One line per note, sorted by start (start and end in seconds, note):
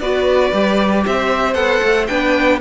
0.00 0.52 B3
0.00 0.52 F#4
0.00 1.03 B4
0.00 1.04 D5
0.52 1.04 G3
0.52 1.54 G4
1.05 1.54 C4
1.05 2.08 C5
1.05 1.54 E5
1.54 1.80 B3
1.54 2.06 A4
1.54 2.05 F#5
1.82 2.08 A3
2.07 2.61 B3
2.07 2.60 D4
2.07 2.60 B4
2.07 2.59 G5